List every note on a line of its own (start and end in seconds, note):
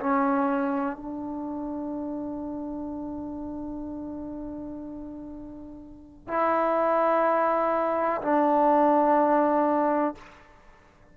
0.00 0.96 C#4
0.96 6.28 D4
6.28 8.21 E4
8.22 10.15 D4